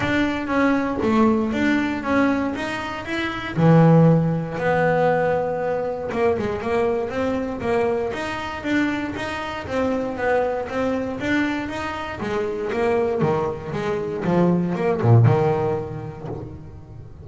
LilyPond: \new Staff \with { instrumentName = "double bass" } { \time 4/4 \tempo 4 = 118 d'4 cis'4 a4 d'4 | cis'4 dis'4 e'4 e4~ | e4 b2. | ais8 gis8 ais4 c'4 ais4 |
dis'4 d'4 dis'4 c'4 | b4 c'4 d'4 dis'4 | gis4 ais4 dis4 gis4 | f4 ais8 ais,8 dis2 | }